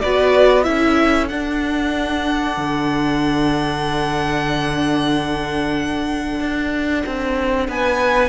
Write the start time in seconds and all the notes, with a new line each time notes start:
0.00 B3 F#4 B4 D5
0.63 C#4 E4 A4 E5
1.28 D4 F#5
2.57 D3
6.39 D4
7.05 C4
7.68 B3 B4 G#5